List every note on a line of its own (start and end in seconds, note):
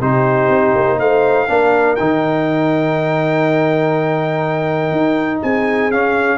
0.00 0.49 C3
0.00 1.48 D#4
0.00 0.98 G4
0.00 1.00 C5
0.49 0.74 C4
0.76 0.99 A#3
0.99 1.48 A3
0.99 1.48 C5
0.99 1.96 F5
1.48 1.98 A#3
1.48 1.98 D4
1.48 5.43 A#4
1.96 4.92 D#3
1.96 5.92 D#4
1.96 5.40 G5
4.92 5.41 D#4
5.42 5.91 C4
5.42 6.38 G#4
5.42 5.92 G#5
5.91 6.38 C#4
5.91 6.38 F5